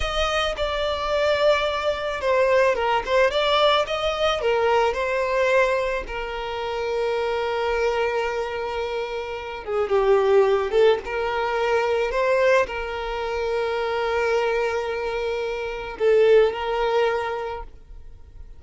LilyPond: \new Staff \with { instrumentName = "violin" } { \time 4/4 \tempo 4 = 109 dis''4 d''2. | c''4 ais'8 c''8 d''4 dis''4 | ais'4 c''2 ais'4~ | ais'1~ |
ais'4. gis'8 g'4. a'8 | ais'2 c''4 ais'4~ | ais'1~ | ais'4 a'4 ais'2 | }